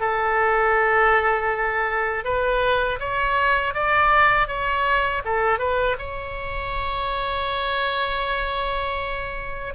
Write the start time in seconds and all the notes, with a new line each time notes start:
0.00 A4
2.24 B4
3.00 C#5
3.74 D5
4.48 C#5
5.25 A4
5.59 B4
5.98 C#5